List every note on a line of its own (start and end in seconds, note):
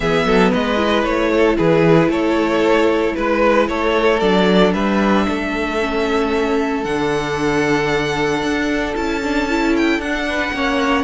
0.00 0.25 E3
0.00 0.76 B3
0.00 0.26 G#4
0.00 0.52 E5
0.25 0.51 F#3
0.25 0.51 A4
0.51 1.04 G#3
0.51 1.30 B4
0.51 1.04 D#5
0.76 4.18 E4
1.04 1.57 A3
1.04 1.56 C#5
1.33 1.57 A4
1.57 2.08 E3
1.57 2.09 G#4
1.57 2.11 B4
2.08 3.13 A3
2.08 3.14 A4
2.08 3.15 C#5
3.15 3.68 G#3
3.15 3.67 B4
3.15 3.69 B4
3.68 4.21 A3
3.68 4.74 A4
3.68 4.19 C#5
4.19 4.73 F#3
4.19 5.79 D4
4.19 4.72 D5
4.73 5.26 G3
4.73 5.26 B4
4.73 6.84 E5
5.28 6.85 A3
5.28 10.28 A4
5.80 6.84 C#4
6.84 8.42 D3
6.84 8.95 D4
6.84 8.94 F#5
8.42 8.95 D4
8.95 9.99 C#4
8.95 9.22 E4
8.95 9.75 A5
9.23 9.49 D4
9.49 10.01 E4
9.76 10.00 G5
9.99 10.51 D4
9.99 10.54 D4
9.99 11.03 F#5
10.28 10.54 B4
10.53 11.03 A#3
10.53 11.03 C#4
10.53 11.03 C#5